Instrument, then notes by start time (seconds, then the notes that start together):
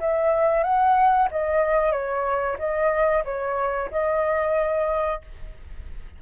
flute
0.00 E5
0.63 F#5
1.31 D#5
1.92 C#5
2.58 D#5
3.24 C#5
3.91 D#5